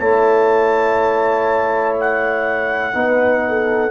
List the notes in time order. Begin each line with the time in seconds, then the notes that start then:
0.00 A3 E4 C#5 A5
2.00 F#5
2.94 B3 D#4 B4
3.49 A4